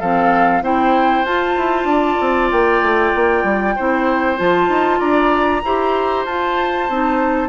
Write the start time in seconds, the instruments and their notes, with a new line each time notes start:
0.00 bassoon F3, clarinet C4, oboe A4, flute F5
0.62 bassoon C4, clarinet E4, oboe C5, flute G5
1.24 bassoon F4, clarinet F4, flute A5
1.57 bassoon E4
1.84 bassoon D4, oboe D5
2.20 bassoon C4
2.51 bassoon A#3, flute G5
2.82 bassoon A3
3.15 bassoon A#3
3.44 bassoon G3
3.76 bassoon C4, clarinet E4, oboe C5
4.37 bassoon F3, clarinet F4, flute A5
4.68 bassoon D#4
4.99 bassoon D4, oboe D5, flute A#5
5.64 bassoon E4, clarinet G4, oboe C5
6.26 bassoon F4, clarinet F4, flute A5
6.89 bassoon C4, clarinet D#4